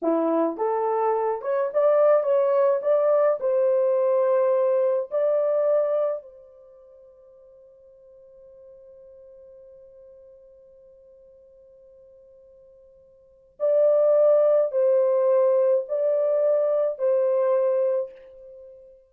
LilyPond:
\new Staff \with { instrumentName = "horn" } { \time 4/4 \tempo 4 = 106 e'4 a'4. cis''8 d''4 | cis''4 d''4 c''2~ | c''4 d''2 c''4~ | c''1~ |
c''1~ | c''1 | d''2 c''2 | d''2 c''2 | }